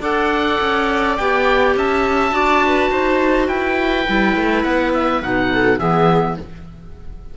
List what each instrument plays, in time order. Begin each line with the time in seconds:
0.00 cello D4, clarinet A4, viola D5, oboe F#5
0.60 cello C#4
1.17 cello B3, clarinet G4, oboe G5
1.75 cello C#4, viola E5, oboe A5
2.31 cello D4, clarinet F#4, viola D5
2.65 viola B4
2.91 cello D#4, viola C5
3.48 cello E4, viola B4, oboe G5
4.07 cello G3, clarinet E4
4.36 cello A3
4.63 cello B3, oboe F#5
4.93 oboe E5
5.22 cello B2, clarinet D#4, oboe F#5
5.52 viola A4
5.78 cello E3, clarinet B3, viola G#4, oboe E5